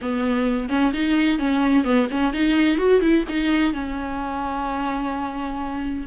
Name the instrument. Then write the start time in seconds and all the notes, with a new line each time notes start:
viola
0.01 B3
0.69 C#4
0.93 D#4
1.38 C#4
1.84 B3
2.10 C#4
2.33 D#4
2.78 F#4
3.01 E4
3.28 D#4
3.73 C#4